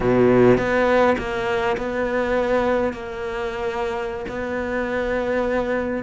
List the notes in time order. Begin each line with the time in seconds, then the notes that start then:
0.00 B2
0.57 B3
1.18 A#3
1.77 B3
2.93 A#3
4.28 B3